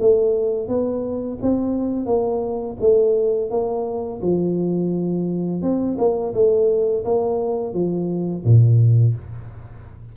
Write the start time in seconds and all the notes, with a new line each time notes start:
0.00 A3
0.68 B3
1.42 C4
2.06 A#3
2.80 A3
3.50 A#3
4.22 F3
5.62 C4
5.98 A#3
6.34 A3
7.05 A#3
7.73 F3
8.44 A#2